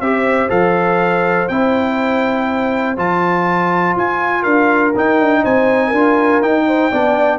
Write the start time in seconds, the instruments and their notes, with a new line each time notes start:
0.00 tuba C4, trombone G4, horn C5, trumpet E5
0.49 tuba F3, trombone A4, trumpet F5
1.48 tuba C4, trombone E4, trumpet G5
2.97 tuba F3, trombone F4, trumpet A5
3.96 tuba F4, trumpet G#5
4.41 tuba D4, horn A#4, trumpet F5
4.95 tuba D#4, trombone D#4, trumpet G5
5.19 tuba D4
5.43 tuba C4, horn C5, trumpet G#5
5.88 tuba D4, horn A#4
5.94 trombone F4
6.41 tuba D#4, trombone D#4, trumpet G5
6.67 horn C5
6.91 tuba B3, trombone D4, horn D5